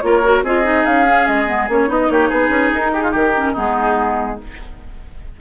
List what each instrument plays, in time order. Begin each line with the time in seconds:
0.00 bassoon A#3, clarinet F4, oboe A#4, flute C#5
0.23 clarinet F#4
0.43 bassoon C4, clarinet F4, oboe G#4, flute D#5
0.63 clarinet D#4
0.85 bassoon C#4, flute F5
1.08 clarinet C#4
1.27 bassoon G#3, flute D#5
1.47 clarinet B3
1.68 bassoon A#3, clarinet C#4, flute C#5
1.87 bassoon B3, clarinet D#4, oboe D#4, flute D#5
2.09 bassoon A#3, oboe G4, flute C#5
2.29 bassoon B3, oboe G#4, flute B4
2.49 bassoon C#4
2.73 bassoon D#4, flute A#4
2.93 oboe G4, flute G#4
3.03 oboe F4
3.11 bassoon D#3, oboe G4, flute A#4
3.36 clarinet C#4
3.52 bassoon G#3, clarinet B3, oboe D#4, flute G#4